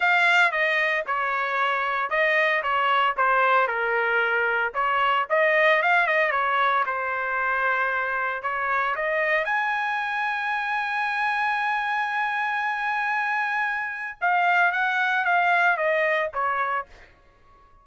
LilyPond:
\new Staff \with { instrumentName = "trumpet" } { \time 4/4 \tempo 4 = 114 f''4 dis''4 cis''2 | dis''4 cis''4 c''4 ais'4~ | ais'4 cis''4 dis''4 f''8 dis''8 | cis''4 c''2. |
cis''4 dis''4 gis''2~ | gis''1~ | gis''2. f''4 | fis''4 f''4 dis''4 cis''4 | }